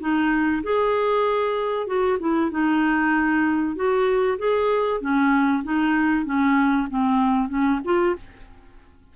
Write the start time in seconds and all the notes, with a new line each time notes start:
0.00 D#4
0.63 G#4
1.87 F#4
2.20 E4
2.51 D#4
3.76 F#4
4.38 G#4
5.01 C#4
5.64 D#4
6.25 C#4
6.90 C4
7.49 C#4
7.84 F4